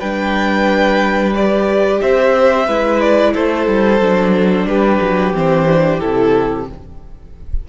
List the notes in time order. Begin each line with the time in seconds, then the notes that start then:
0.00 G3 D4 B4 G5
1.34 G4 D5
2.02 C4 C5 E5
2.67 G#3 E4 B4
3.01 D5
3.34 A3 A4 C5
3.67 G3
4.00 F#3 D4
4.66 G3 G4 B4
5.01 F#3
5.34 E3 C4 C5
5.69 D4
6.00 C3 E4 A4